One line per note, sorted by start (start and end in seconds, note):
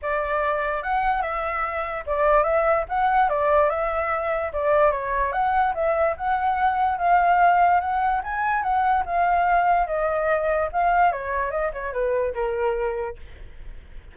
0.01 0.82 D5
0.82 1.22 F#5
1.22 2.04 E5
2.06 2.43 D5
2.43 2.84 E5
2.88 3.29 F#5
3.29 3.69 D5
3.69 4.51 E5
4.52 4.91 D5
4.91 5.32 C#5
5.32 5.73 F#5
5.74 6.15 E5
6.16 6.98 F#5
6.98 7.80 F5
7.80 8.21 F#5
8.23 8.62 G#5
8.62 9.03 F#5
9.05 9.86 F5
9.86 10.69 D#5
10.72 11.12 F5
11.12 11.50 C#5
11.50 11.71 D#5
11.72 11.92 C#5
11.92 12.33 B4
12.34 13.16 A#4